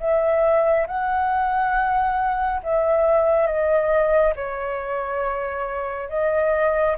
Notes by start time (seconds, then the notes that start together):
0.00 E5
0.87 F#5
2.63 E5
3.47 D#5
4.36 C#5
6.09 D#5